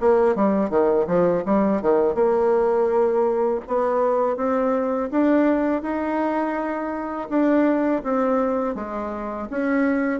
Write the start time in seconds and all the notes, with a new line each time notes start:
0.00 A#3
0.35 G3
0.70 D#3
1.07 F3
1.45 G3
1.82 D#3
2.15 A#3
3.68 B3
4.37 C4
5.11 D4
5.82 D#4
7.29 D4
8.03 C4
8.75 G#3
9.50 C#4